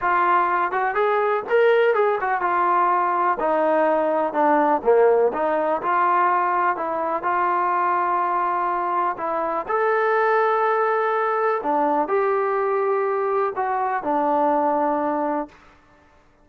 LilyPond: \new Staff \with { instrumentName = "trombone" } { \time 4/4 \tempo 4 = 124 f'4. fis'8 gis'4 ais'4 | gis'8 fis'8 f'2 dis'4~ | dis'4 d'4 ais4 dis'4 | f'2 e'4 f'4~ |
f'2. e'4 | a'1 | d'4 g'2. | fis'4 d'2. | }